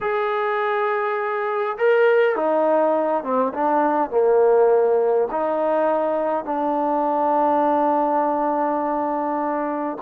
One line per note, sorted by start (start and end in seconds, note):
0.00 1.77 G#4
1.77 2.35 A#4
2.35 3.23 D#4
3.23 3.53 C4
3.53 4.10 D4
4.10 5.28 A#3
5.31 6.44 D#4
6.44 9.97 D4